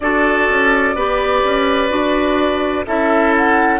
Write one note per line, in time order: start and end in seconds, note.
0.00 0.48 D4
0.00 0.97 F#4
0.00 0.95 A4
0.00 2.85 D5
0.49 0.95 C#4
0.95 1.42 B3
0.95 1.89 G4
0.95 2.85 B4
1.43 1.90 C#4
1.89 2.86 D4
1.89 2.84 F#4
2.86 3.79 C#4
2.86 3.79 E4
2.86 3.79 A4
2.86 3.34 E5
3.37 3.79 F#5